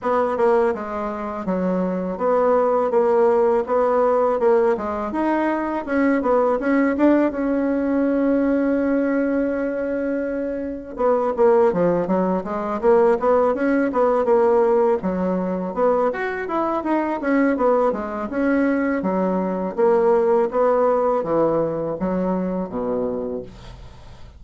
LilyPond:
\new Staff \with { instrumentName = "bassoon" } { \time 4/4 \tempo 4 = 82 b8 ais8 gis4 fis4 b4 | ais4 b4 ais8 gis8 dis'4 | cis'8 b8 cis'8 d'8 cis'2~ | cis'2. b8 ais8 |
f8 fis8 gis8 ais8 b8 cis'8 b8 ais8~ | ais8 fis4 b8 fis'8 e'8 dis'8 cis'8 | b8 gis8 cis'4 fis4 ais4 | b4 e4 fis4 b,4 | }